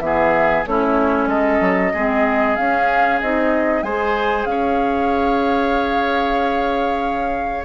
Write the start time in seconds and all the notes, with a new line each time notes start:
0.00 E3 B3 G#4 E5
0.66 A3 C#4 E4 C#5
1.27 G#3 A4 D#5
1.61 F#3
1.93 G#3 C4 G#4
2.56 C#4 F5
3.21 C4 D#4 D#5
3.83 G#3 G#4 C5 G#5
4.46 C#4 C#5 F5